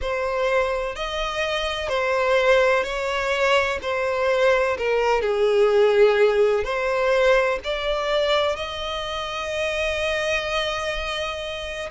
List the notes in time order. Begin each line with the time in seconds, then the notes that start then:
0.01 C5
0.95 D#5
1.88 C5
2.83 C#5
3.82 C5
4.77 A#4
5.21 G#4
6.64 C5
7.64 D5
8.56 D#5